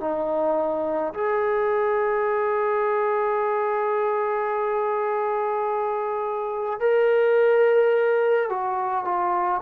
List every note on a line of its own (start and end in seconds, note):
0.00 1.13 D#4
1.13 6.79 G#4
6.79 8.49 A#4
8.49 9.04 F#4
9.04 9.61 F4